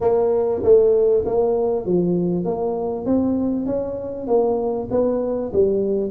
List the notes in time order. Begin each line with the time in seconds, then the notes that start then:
0.00 A#3
0.63 A3
1.26 A#3
1.85 F3
2.45 A#3
3.05 C4
3.66 C#4
4.27 A#3
4.90 B3
5.52 G3